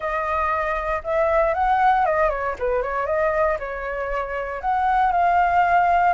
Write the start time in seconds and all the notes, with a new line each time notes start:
0.00 D#5
1.03 E5
1.54 F#5
2.05 D#5
2.29 C#5
2.58 B4
2.82 C#5
3.06 D#5
3.59 C#5
4.61 F#5
5.12 F5